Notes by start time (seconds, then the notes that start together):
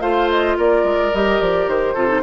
0.00 A3 F4 C5 F5
0.29 D#5
0.57 A#3 A#4 D5
0.83 G#3
1.14 G3 G4 D#5
1.40 F3 D5
1.67 D#3 C5
1.94 C3 F4 A4
2.08 D#4